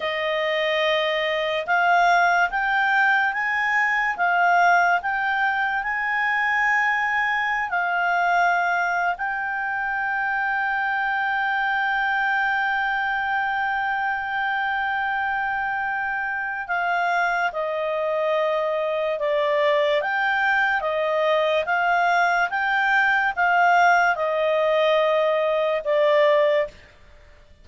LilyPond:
\new Staff \with { instrumentName = "clarinet" } { \time 4/4 \tempo 4 = 72 dis''2 f''4 g''4 | gis''4 f''4 g''4 gis''4~ | gis''4~ gis''16 f''4.~ f''16 g''4~ | g''1~ |
g''1 | f''4 dis''2 d''4 | g''4 dis''4 f''4 g''4 | f''4 dis''2 d''4 | }